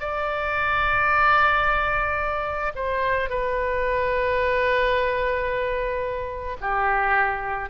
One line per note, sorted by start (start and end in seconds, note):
0.00 2.73 D5
2.75 3.29 C5
3.29 6.57 B4
6.61 7.70 G4